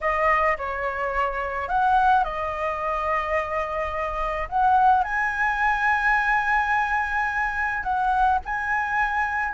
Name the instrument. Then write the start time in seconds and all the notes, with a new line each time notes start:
flute
0.01 D#5
0.57 C#5
1.68 F#5
2.24 D#5
4.48 F#5
5.03 G#5
7.83 F#5
8.45 G#5